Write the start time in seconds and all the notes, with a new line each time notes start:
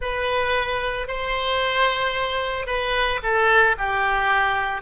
0.01 B4
1.07 C5
2.66 B4
3.22 A4
3.78 G4